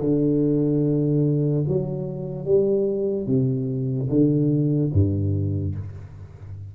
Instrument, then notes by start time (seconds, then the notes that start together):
tuba
0.00 D3
1.67 F#3
2.45 G3
3.27 C3
4.09 D3
4.93 G2